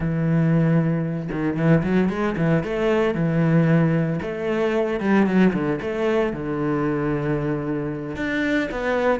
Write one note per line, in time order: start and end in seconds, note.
0.00 1.29 E3
1.31 1.56 D#3
1.56 1.83 E3
1.83 2.09 F#3
2.09 2.35 G#3
2.37 2.63 E3
2.63 3.14 A3
3.14 4.19 E3
4.22 5.00 A3
5.00 5.26 G3
5.26 5.52 F#3
5.53 5.79 D3
5.81 6.32 A3
6.32 8.16 D3
8.16 8.68 D4
8.71 9.20 B3